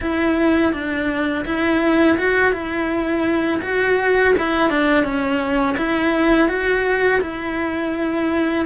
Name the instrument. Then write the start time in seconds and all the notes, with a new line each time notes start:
cello
0.00 E4
0.72 D4
1.45 E4
2.18 F#4
2.52 E4
3.61 F#4
4.38 E4
4.70 D4
5.03 C#4
5.77 E4
6.48 F#4
7.21 E4